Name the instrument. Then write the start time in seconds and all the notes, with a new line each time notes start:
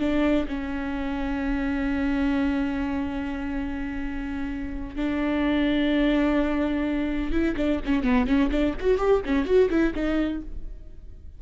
viola
0.00 D4
0.48 C#4
4.96 D4
7.32 E4
7.57 D4
7.86 C#4
8.04 B3
8.27 C#4
8.51 D4
8.81 F#4
8.98 G4
9.26 C#4
9.46 F#4
9.70 E4
9.95 D#4